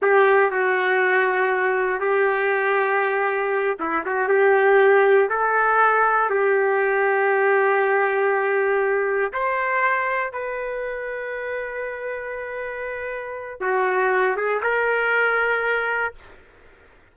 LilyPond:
\new Staff \with { instrumentName = "trumpet" } { \time 4/4 \tempo 4 = 119 g'4 fis'2. | g'2.~ g'8 e'8 | fis'8 g'2 a'4.~ | a'8 g'2.~ g'8~ |
g'2~ g'8 c''4.~ | c''8 b'2.~ b'8~ | b'2. fis'4~ | fis'8 gis'8 ais'2. | }